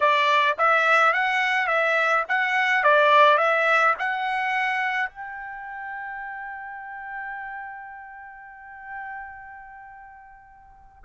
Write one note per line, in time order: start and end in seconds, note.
0.00 0.57 D5
0.58 1.13 E5
1.13 1.67 F#5
1.67 2.24 E5
2.28 2.83 F#5
2.83 3.37 D5
3.37 3.94 E5
3.98 5.09 F#5
5.09 11.03 G5